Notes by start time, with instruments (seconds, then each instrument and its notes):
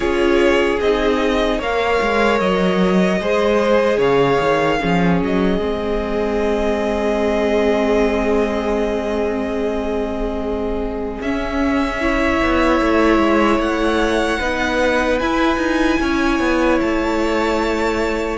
0.00 cello C#4, viola F4, violin G#4 C#5
0.80 cello C4, viola D#4, violin D#5
1.58 cello A#3, viola A#4, violin C#5 F5
2.01 cello G#3
2.39 cello F#3, violin D#5
3.20 cello G#3, viola G#4, violin C5
3.97 cello C#3, violin C#5 F5
4.40 cello D#3
4.80 cello F3, viola C#4, violin G#4
5.22 cello F#3, violin D#5
5.58 cello G#3, viola C4
11.20 cello C#4, viola C#4, violin E5
12.00 viola E4, violin C#5
12.42 cello B3
12.80 cello A3
13.18 cello G#3
13.58 cello A3, violin F#5
14.39 cello B3, viola D#4, violin B4
15.18 cello E4, viola E4, violin G#5
15.57 cello D#4
16.00 cello C#4, violin C#5
16.39 cello B3
16.80 cello A3, violin A5